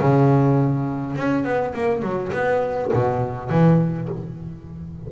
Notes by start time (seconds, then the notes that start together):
0.00 C#3
1.16 C#4
1.44 B3
1.74 A#3
2.02 F#3
2.32 B3
2.93 B2
3.49 E3